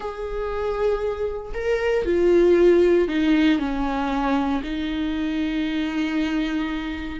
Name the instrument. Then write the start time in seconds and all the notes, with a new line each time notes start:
viola
0.00 G#4
1.54 A#4
2.05 F4
3.08 D#4
3.59 C#4
4.63 D#4